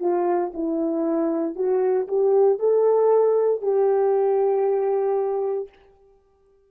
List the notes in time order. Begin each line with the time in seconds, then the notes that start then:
0.00 F4
0.54 E4
1.56 F#4
2.08 G4
2.60 A4
3.62 G4